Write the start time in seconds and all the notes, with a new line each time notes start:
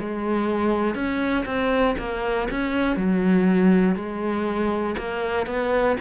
0.00 G#3
0.95 C#4
1.46 C4
1.99 A#3
2.51 C#4
2.97 F#3
3.96 G#3
4.98 A#3
5.47 B3